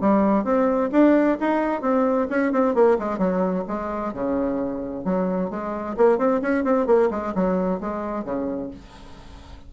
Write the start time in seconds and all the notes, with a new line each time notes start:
0.00 G3
0.44 C4
0.91 D4
1.40 D#4
1.81 C4
2.29 C#4
2.52 C4
2.74 A#3
2.99 G#3
3.18 F#3
3.68 G#3
4.13 C#3
5.04 F#3
5.50 G#3
5.96 A#3
6.18 C4
6.42 C#4
6.64 C4
6.86 A#3
7.10 G#3
7.34 F#3
7.80 G#3
8.24 C#3